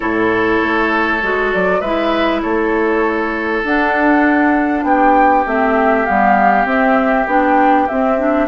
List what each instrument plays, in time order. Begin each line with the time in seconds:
0.00 bassoon A2, clarinet E4, oboe A4, flute C#5
0.62 bassoon A3
1.22 bassoon G#3, clarinet F#4
1.52 bassoon F#3, flute D5
1.80 bassoon G#3, clarinet E4, oboe B4, flute E5
2.41 bassoon A3, oboe A4, flute C#5
3.63 bassoon D4, clarinet D4, flute F#5
4.83 bassoon B3, oboe G4, flute G5
5.45 bassoon A3, clarinet C4, flute E5
6.05 bassoon G3, clarinet B3, flute F5
6.65 bassoon C4, clarinet C4, flute E5
7.27 bassoon B3, clarinet D4, flute G5
7.87 clarinet C4, bassoon C4, flute E5
8.18 clarinet D4